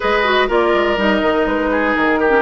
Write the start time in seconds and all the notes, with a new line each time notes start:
0.00 G#3 G#4 B4 D#5
0.24 F#4
0.48 A#3 F4 A#4 D5
0.73 G#3
0.97 G3 D#4 D#5
1.22 D#3
1.46 G#3 B4
1.70 G#4
1.95 D#3 A#4
2.19 G4
2.29 C#4